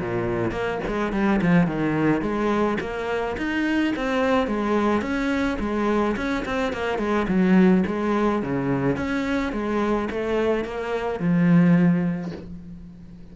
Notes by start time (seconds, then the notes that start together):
0.00 A#2
0.51 A#3
0.87 G#3
1.12 G3
1.42 F3
1.66 D#3
2.21 G#3
2.80 A#3
3.37 D#4
3.96 C4
4.47 G#3
5.01 C#4
5.60 G#3
6.16 C#4
6.45 C4
6.72 A#3
6.98 G#3
7.28 F#3
7.86 G#3
8.42 C#3
8.96 C#4
9.52 G#3
10.10 A3
10.64 A#3
11.19 F3